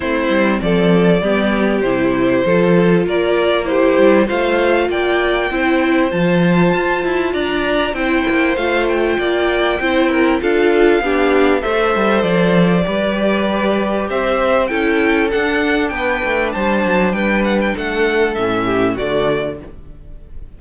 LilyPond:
<<
  \new Staff \with { instrumentName = "violin" } { \time 4/4 \tempo 4 = 98 c''4 d''2 c''4~ | c''4 d''4 c''4 f''4 | g''2 a''2 | ais''4 g''4 f''8 g''4.~ |
g''4 f''2 e''4 | d''2. e''4 | g''4 fis''4 g''4 a''4 | g''8 fis''16 g''16 fis''4 e''4 d''4 | }
  \new Staff \with { instrumentName = "violin" } { \time 4/4 e'4 a'4 g'2 | a'4 ais'4 g'4 c''4 | d''4 c''2. | d''4 c''2 d''4 |
c''8 ais'8 a'4 g'4 c''4~ | c''4 b'2 c''4 | a'2 b'4 c''4 | b'4 a'4. g'8 fis'4 | }
  \new Staff \with { instrumentName = "viola" } { \time 4/4 c'2 b4 e'4 | f'2 e'4 f'4~ | f'4 e'4 f'2~ | f'4 e'4 f'2 |
e'4 f'4 d'4 a'4~ | a'4 g'2. | e'4 d'2.~ | d'2 cis'4 a4 | }
  \new Staff \with { instrumentName = "cello" } { \time 4/4 a8 g8 f4 g4 c4 | f4 ais4. g8 a4 | ais4 c'4 f4 f'8 e'8 | d'4 c'8 ais8 a4 ais4 |
c'4 d'4 b4 a8 g8 | f4 g2 c'4 | cis'4 d'4 b8 a8 g8 fis8 | g4 a4 a,4 d4 | }
>>